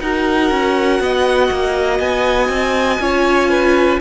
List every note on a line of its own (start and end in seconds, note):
0.00 0.50 D#4
0.00 3.01 F#4
0.00 1.02 A#4
0.00 1.99 F#5
0.50 1.00 C#4
1.00 1.50 B3
1.00 3.01 D#5
1.51 1.99 A#3
1.99 2.48 B3
1.99 3.99 G#5
2.48 2.98 C4
2.99 3.99 C#4
2.99 4.00 F4
2.99 3.50 C#5
3.50 4.00 B4